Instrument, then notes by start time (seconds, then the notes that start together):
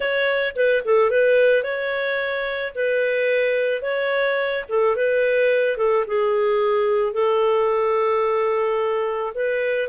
clarinet
0.00 C#5
0.55 B4
0.84 A4
1.10 B4
1.63 C#5
2.74 B4
3.82 C#5
4.69 A4
4.95 B4
5.77 A4
6.07 G#4
7.13 A4
9.34 B4